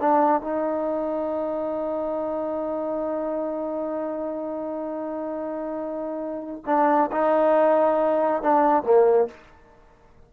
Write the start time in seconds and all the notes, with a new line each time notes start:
0.00 D4
0.42 D#4
6.66 D4
7.12 D#4
8.43 D4
8.84 A#3